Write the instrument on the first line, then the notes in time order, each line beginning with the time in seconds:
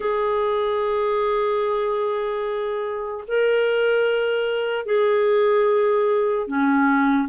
clarinet
0.00 G#4
3.27 A#4
4.85 G#4
6.47 C#4